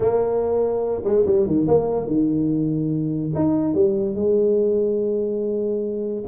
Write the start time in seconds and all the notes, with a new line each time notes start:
0.00 A#3
1.04 G#3
1.26 G3
1.46 D#3
1.67 A#3
2.06 D#3
3.34 D#4
3.74 G3
4.15 G#3